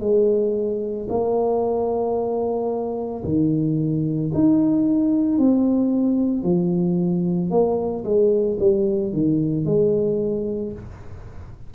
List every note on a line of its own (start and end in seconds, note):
0.00 1.07 G#3
1.09 3.23 A#3
3.24 4.31 D#3
4.34 5.38 D#4
5.38 6.43 C4
6.43 7.50 F3
7.50 8.04 A#3
8.04 8.58 G#3
8.60 9.13 G3
9.13 9.65 D#3
9.65 10.72 G#3